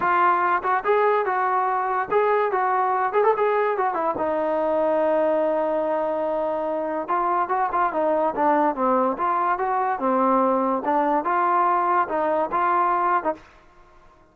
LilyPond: \new Staff \with { instrumentName = "trombone" } { \time 4/4 \tempo 4 = 144 f'4. fis'8 gis'4 fis'4~ | fis'4 gis'4 fis'4. gis'16 a'16 | gis'4 fis'8 e'8 dis'2~ | dis'1~ |
dis'4 f'4 fis'8 f'8 dis'4 | d'4 c'4 f'4 fis'4 | c'2 d'4 f'4~ | f'4 dis'4 f'4.~ f'16 dis'16 | }